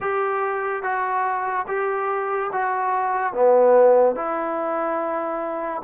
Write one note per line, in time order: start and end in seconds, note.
0.00 0.83 G4
0.83 1.66 F#4
1.67 2.50 G4
2.52 3.33 F#4
3.33 4.15 B3
4.15 5.82 E4